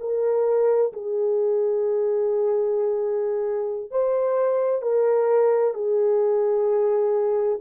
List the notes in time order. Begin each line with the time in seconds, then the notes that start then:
0.00 A#4
0.93 G#4
3.91 C5
4.82 A#4
5.74 G#4